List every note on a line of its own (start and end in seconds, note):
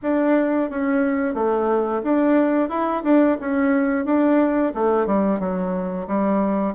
0.02 0.70 D4
0.70 1.34 C#4
1.34 2.02 A3
2.03 2.69 D4
2.69 3.02 E4
3.03 3.37 D4
3.40 4.04 C#4
4.04 4.72 D4
4.74 5.06 A3
5.06 5.39 G3
5.39 6.06 F#3
6.07 6.74 G3